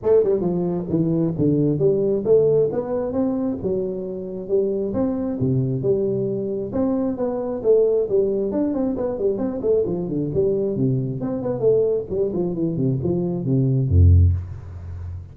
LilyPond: \new Staff \with { instrumentName = "tuba" } { \time 4/4 \tempo 4 = 134 a8 g8 f4 e4 d4 | g4 a4 b4 c'4 | fis2 g4 c'4 | c4 g2 c'4 |
b4 a4 g4 d'8 c'8 | b8 g8 c'8 a8 f8 d8 g4 | c4 c'8 b8 a4 g8 f8 | e8 c8 f4 c4 f,4 | }